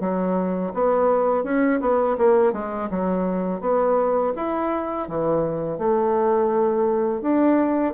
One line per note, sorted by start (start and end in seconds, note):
0.00 0.72 F#3
0.74 1.44 B3
1.44 1.80 C#4
1.81 2.17 B3
2.18 2.53 A#3
2.53 2.89 G#3
2.90 3.61 F#3
3.61 4.33 B3
4.36 5.08 E4
5.08 5.78 E3
5.78 7.21 A3
7.21 7.94 D4